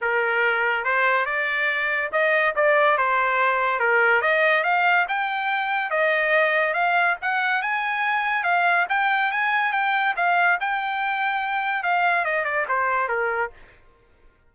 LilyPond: \new Staff \with { instrumentName = "trumpet" } { \time 4/4 \tempo 4 = 142 ais'2 c''4 d''4~ | d''4 dis''4 d''4 c''4~ | c''4 ais'4 dis''4 f''4 | g''2 dis''2 |
f''4 fis''4 gis''2 | f''4 g''4 gis''4 g''4 | f''4 g''2. | f''4 dis''8 d''8 c''4 ais'4 | }